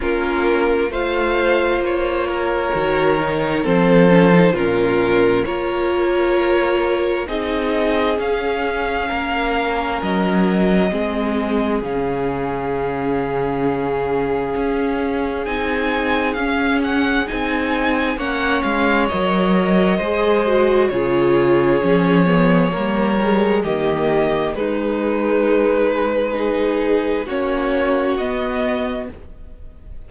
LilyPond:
<<
  \new Staff \with { instrumentName = "violin" } { \time 4/4 \tempo 4 = 66 ais'4 f''4 cis''2 | c''4 ais'4 cis''2 | dis''4 f''2 dis''4~ | dis''4 f''2.~ |
f''4 gis''4 f''8 fis''8 gis''4 | fis''8 f''8 dis''2 cis''4~ | cis''2 dis''4 b'4~ | b'2 cis''4 dis''4 | }
  \new Staff \with { instrumentName = "violin" } { \time 4/4 f'4 c''4. ais'4. | a'4 f'4 ais'2 | gis'2 ais'2 | gis'1~ |
gis'1 | cis''2 c''4 gis'4~ | gis'4 ais'4 g'4 dis'4~ | dis'4 gis'4 fis'2 | }
  \new Staff \with { instrumentName = "viola" } { \time 4/4 cis'4 f'2 fis'8 dis'8 | c'8 cis'16 dis'16 cis'4 f'2 | dis'4 cis'2. | c'4 cis'2.~ |
cis'4 dis'4 cis'4 dis'4 | cis'4 ais'4 gis'8 fis'8 f'4 | cis'8 b8 ais8 gis8 ais4 gis4~ | gis4 dis'4 cis'4 b4 | }
  \new Staff \with { instrumentName = "cello" } { \time 4/4 ais4 a4 ais4 dis4 | f4 ais,4 ais2 | c'4 cis'4 ais4 fis4 | gis4 cis2. |
cis'4 c'4 cis'4 c'4 | ais8 gis8 fis4 gis4 cis4 | f4 g4 dis4 gis4~ | gis2 ais4 b4 | }
>>